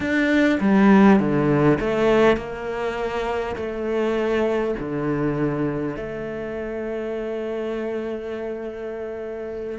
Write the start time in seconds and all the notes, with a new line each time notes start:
0.00 D4
0.60 G3
1.19 D3
1.80 A3
2.36 A#3
3.56 A3
4.79 D3
5.96 A3